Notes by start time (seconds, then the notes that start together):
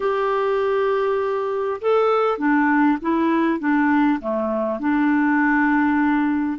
0.00 G4
1.81 A4
2.38 D4
3.01 E4
3.59 D4
4.20 A3
4.79 D4